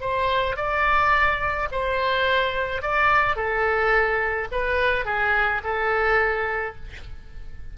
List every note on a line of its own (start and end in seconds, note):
0.00 0.56 C5
0.56 1.68 D5
1.71 2.82 C5
2.82 3.36 D5
3.36 4.48 A4
4.51 5.05 B4
5.05 5.61 G#4
5.63 6.75 A4